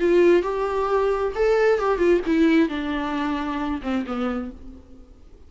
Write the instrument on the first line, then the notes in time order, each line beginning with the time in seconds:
viola
0.00 F4
0.43 G4
1.36 A4
1.79 G4
1.98 F4
2.26 E4
2.69 D4
3.82 C4
4.06 B3